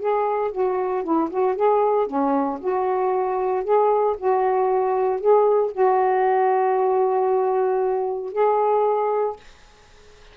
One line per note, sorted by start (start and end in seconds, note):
0.00 0.52 G#4
0.52 1.04 F#4
1.04 1.30 E4
1.30 1.56 F#4
1.56 2.08 G#4
2.08 2.60 C#4
2.60 3.64 F#4
3.64 4.16 G#4
4.18 5.21 F#4
5.21 5.72 G#4
5.72 8.33 F#4
8.33 9.37 G#4